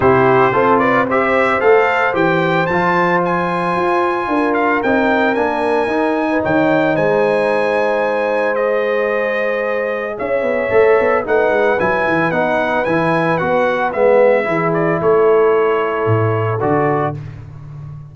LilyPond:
<<
  \new Staff \with { instrumentName = "trumpet" } { \time 4/4 \tempo 4 = 112 c''4. d''8 e''4 f''4 | g''4 a''4 gis''2~ | gis''8 f''8 g''4 gis''2 | g''4 gis''2. |
dis''2. e''4~ | e''4 fis''4 gis''4 fis''4 | gis''4 fis''4 e''4. d''8 | cis''2. d''4 | }
  \new Staff \with { instrumentName = "horn" } { \time 4/4 g'4 a'8 b'8 c''2~ | c''1 | ais'2.~ ais'8. b'16 | cis''4 c''2.~ |
c''2. cis''4~ | cis''4 b'2.~ | b'2. gis'4 | a'1 | }
  \new Staff \with { instrumentName = "trombone" } { \time 4/4 e'4 f'4 g'4 a'4 | g'4 f'2.~ | f'4 dis'4 d'4 dis'4~ | dis'1 |
gis'1 | a'4 dis'4 e'4 dis'4 | e'4 fis'4 b4 e'4~ | e'2. fis'4 | }
  \new Staff \with { instrumentName = "tuba" } { \time 4/4 c4 c'2 a4 | e4 f2 f'4 | d'4 c'4 ais4 dis'4 | dis4 gis2.~ |
gis2. cis'8 b8 | a8 b8 a8 gis8 fis8 e8 b4 | e4 b4 gis4 e4 | a2 a,4 d4 | }
>>